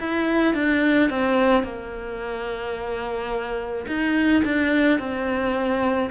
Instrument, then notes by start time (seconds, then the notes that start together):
cello
0.00 E4
0.54 D4
1.10 C4
1.64 A#3
3.87 D#4
4.44 D4
4.99 C4